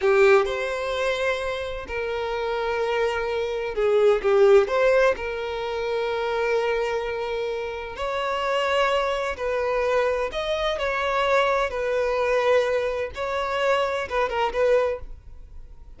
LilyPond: \new Staff \with { instrumentName = "violin" } { \time 4/4 \tempo 4 = 128 g'4 c''2. | ais'1 | gis'4 g'4 c''4 ais'4~ | ais'1~ |
ais'4 cis''2. | b'2 dis''4 cis''4~ | cis''4 b'2. | cis''2 b'8 ais'8 b'4 | }